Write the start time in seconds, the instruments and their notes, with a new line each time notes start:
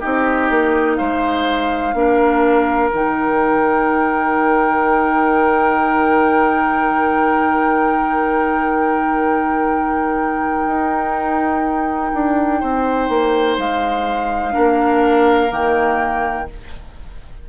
0.00 bassoon C4, clarinet D#4, oboe G4, flute D#5
0.50 bassoon A#3
0.97 bassoon G#3, oboe C5, flute F5
1.94 bassoon A#3, clarinet D4, oboe A#4
2.92 bassoon D#3, clarinet D#4, flute G5
10.67 bassoon D#4
12.14 bassoon D4
12.60 bassoon C4, oboe C5
13.09 bassoon A#3
13.57 bassoon G#3, flute F5
14.52 bassoon A#3, clarinet D4, oboe A#4
15.49 bassoon D#3, clarinet A#3, flute G5